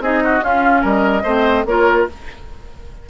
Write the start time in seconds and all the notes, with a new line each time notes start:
0.00 C4 D#4 G#4 D#5
0.24 F#4
0.41 C#4 F4 F5
0.82 G3 A#4 D#5
1.23 A3 C4 C5
1.65 A#3 F4 A#4 C#5